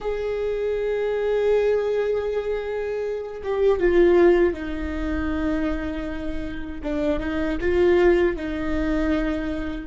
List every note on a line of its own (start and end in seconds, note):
0.00 3.42 G#4
3.43 3.80 G4
3.80 4.53 F4
4.53 6.81 D#4
6.83 7.19 D4
7.19 7.57 D#4
7.61 8.36 F4
8.36 9.86 D#4